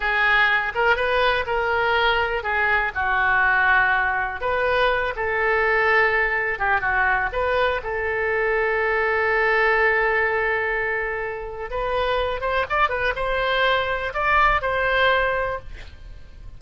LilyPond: \new Staff \with { instrumentName = "oboe" } { \time 4/4 \tempo 4 = 123 gis'4. ais'8 b'4 ais'4~ | ais'4 gis'4 fis'2~ | fis'4 b'4. a'4.~ | a'4. g'8 fis'4 b'4 |
a'1~ | a'1 | b'4. c''8 d''8 b'8 c''4~ | c''4 d''4 c''2 | }